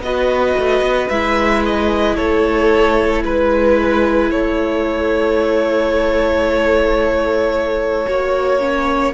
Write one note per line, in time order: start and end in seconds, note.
0.00 0.54 B3
0.00 1.11 F#4
0.00 2.16 B4
0.00 1.09 D#5
0.58 0.81 A3
0.81 1.08 B3
1.09 2.17 G#3
1.09 8.06 E4
1.09 1.62 E5
1.65 2.16 D#5
2.16 3.24 A3
2.16 3.23 A4
2.16 3.23 C#5
3.24 4.31 G#3
3.24 4.31 B4
3.24 4.33 B4
4.31 8.06 A3
4.31 8.07 A4
4.31 9.13 C#5
8.06 9.14 A#3
8.06 8.60 F#4
8.06 9.14 C#5
8.60 9.13 C#4